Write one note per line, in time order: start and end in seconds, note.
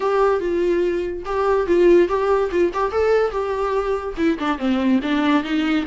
0.00 0.40 G4
0.40 1.23 F4
1.25 1.66 G4
1.66 2.08 F4
2.08 2.50 G4
2.51 2.72 F4
2.73 2.91 G4
2.91 3.31 A4
3.31 4.14 G4
4.17 4.38 E4
4.38 4.58 D4
4.58 5.00 C4
5.02 5.43 D4
5.43 5.85 D#4